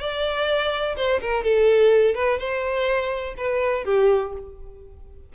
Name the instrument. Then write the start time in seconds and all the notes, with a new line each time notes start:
violin
0.00 D5
0.97 C5
1.22 A#4
1.44 A4
2.15 B4
2.39 C5
3.38 B4
3.85 G4